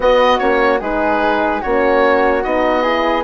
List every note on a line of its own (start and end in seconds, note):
0.00 0.39 B3
0.00 0.40 B3
0.00 0.80 F#4
0.00 0.38 D#5
0.38 0.80 A#3
0.38 0.79 C#4
0.38 0.79 C#5
0.80 1.61 G#3
0.80 1.62 D#4
0.80 1.61 G#4
0.80 1.62 B4
1.61 2.44 A#3
1.61 2.43 C#4
1.61 2.82 F#4
1.61 2.43 C#5
2.43 3.24 B3
2.43 2.82 D#4
2.43 3.24 D#5
2.82 3.23 E4
2.82 3.23 G#4